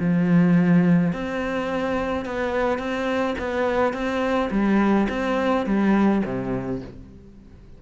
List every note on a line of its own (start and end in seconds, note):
0.00 1.13 F3
1.13 2.26 C4
2.26 2.79 B3
2.79 3.36 C4
3.39 3.94 B3
3.94 4.50 C4
4.51 5.08 G3
5.10 5.66 C4
5.66 6.23 G3
6.25 6.82 C3